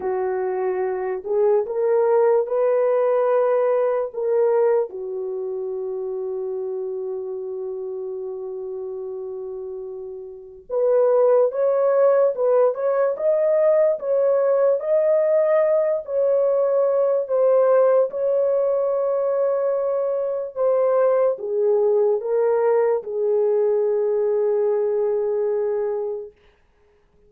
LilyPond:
\new Staff \with { instrumentName = "horn" } { \time 4/4 \tempo 4 = 73 fis'4. gis'8 ais'4 b'4~ | b'4 ais'4 fis'2~ | fis'1~ | fis'4 b'4 cis''4 b'8 cis''8 |
dis''4 cis''4 dis''4. cis''8~ | cis''4 c''4 cis''2~ | cis''4 c''4 gis'4 ais'4 | gis'1 | }